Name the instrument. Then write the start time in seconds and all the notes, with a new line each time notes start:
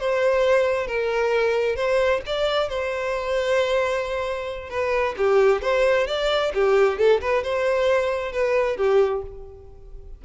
violin
0.00 C5
0.88 A#4
1.76 C5
2.27 D5
2.69 C5
4.70 B4
5.18 G4
5.62 C5
6.07 D5
6.55 G4
6.99 A4
7.21 B4
7.44 C5
8.32 B4
8.77 G4